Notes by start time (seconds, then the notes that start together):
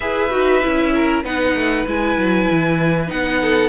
0.00 E4 G#4 B4 E5
0.30 D#4 F#4
0.62 C#4 E4
0.94 A#4
1.23 B3 D#4 B4 F#5
1.55 A3
1.86 G#3 E4 G#5
2.17 F#3
2.50 E3
3.07 B3 D#4 F#5
3.41 A4